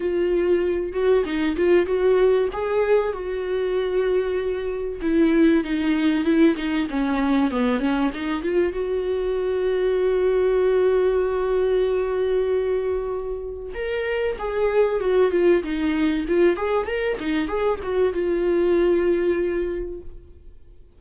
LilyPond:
\new Staff \with { instrumentName = "viola" } { \time 4/4 \tempo 4 = 96 f'4. fis'8 dis'8 f'8 fis'4 | gis'4 fis'2. | e'4 dis'4 e'8 dis'8 cis'4 | b8 cis'8 dis'8 f'8 fis'2~ |
fis'1~ | fis'2 ais'4 gis'4 | fis'8 f'8 dis'4 f'8 gis'8 ais'8 dis'8 | gis'8 fis'8 f'2. | }